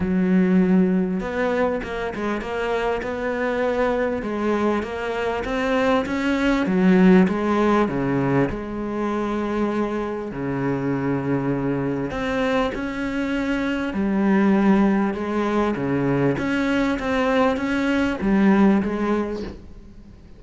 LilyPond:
\new Staff \with { instrumentName = "cello" } { \time 4/4 \tempo 4 = 99 fis2 b4 ais8 gis8 | ais4 b2 gis4 | ais4 c'4 cis'4 fis4 | gis4 cis4 gis2~ |
gis4 cis2. | c'4 cis'2 g4~ | g4 gis4 cis4 cis'4 | c'4 cis'4 g4 gis4 | }